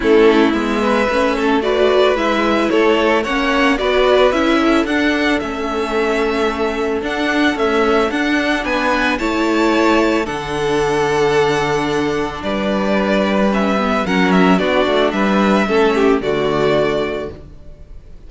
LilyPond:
<<
  \new Staff \with { instrumentName = "violin" } { \time 4/4 \tempo 4 = 111 a'4 e''2 d''4 | e''4 cis''4 fis''4 d''4 | e''4 fis''4 e''2~ | e''4 fis''4 e''4 fis''4 |
gis''4 a''2 fis''4~ | fis''2. d''4~ | d''4 e''4 fis''8 e''8 d''4 | e''2 d''2 | }
  \new Staff \with { instrumentName = "violin" } { \time 4/4 e'4. b'4 a'8 b'4~ | b'4 a'4 cis''4 b'4~ | b'8 a'2.~ a'8~ | a'1 |
b'4 cis''2 a'4~ | a'2. b'4~ | b'2 ais'4 fis'4 | b'4 a'8 g'8 fis'2 | }
  \new Staff \with { instrumentName = "viola" } { \time 4/4 cis'4 b4 cis'4 fis'4 | e'2 cis'4 fis'4 | e'4 d'4 cis'2~ | cis'4 d'4 a4 d'4~ |
d'4 e'2 d'4~ | d'1~ | d'4 cis'8 b8 cis'4 d'4~ | d'4 cis'4 a2 | }
  \new Staff \with { instrumentName = "cello" } { \time 4/4 a4 gis4 a2 | gis4 a4 ais4 b4 | cis'4 d'4 a2~ | a4 d'4 cis'4 d'4 |
b4 a2 d4~ | d2. g4~ | g2 fis4 b8 a8 | g4 a4 d2 | }
>>